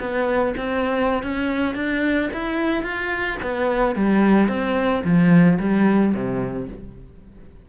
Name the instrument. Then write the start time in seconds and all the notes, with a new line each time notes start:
cello
0.00 B3
0.57 C4
1.23 C#4
1.75 D4
2.33 E4
2.83 F4
3.42 B3
3.95 G3
4.48 C4
5.04 F3
5.59 G3
6.14 C3